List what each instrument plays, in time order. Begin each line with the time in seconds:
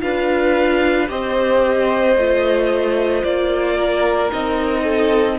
0.00 cello D4, viola F4, violin B4 F5
1.08 cello C4, viola G4, violin C5 D#5
2.16 cello A3, viola F4
3.23 cello A#3, violin D5
3.75 violin A#4
4.29 cello C4, viola D#4, violin D#5
4.82 violin A4